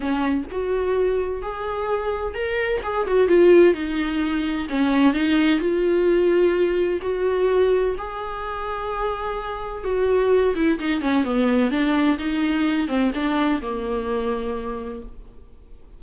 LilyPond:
\new Staff \with { instrumentName = "viola" } { \time 4/4 \tempo 4 = 128 cis'4 fis'2 gis'4~ | gis'4 ais'4 gis'8 fis'8 f'4 | dis'2 cis'4 dis'4 | f'2. fis'4~ |
fis'4 gis'2.~ | gis'4 fis'4. e'8 dis'8 cis'8 | b4 d'4 dis'4. c'8 | d'4 ais2. | }